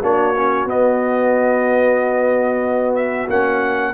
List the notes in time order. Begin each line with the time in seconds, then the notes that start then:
0.00 A#3 D4 F#4 C#5
0.37 C#4
0.65 B3 D#5
2.95 E5
3.28 A#3 C#4 F#5